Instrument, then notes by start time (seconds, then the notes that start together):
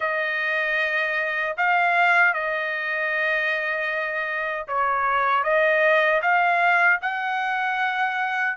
trumpet
0.00 D#5
1.57 F5
2.33 D#5
4.67 C#5
5.43 D#5
6.22 F5
7.01 F#5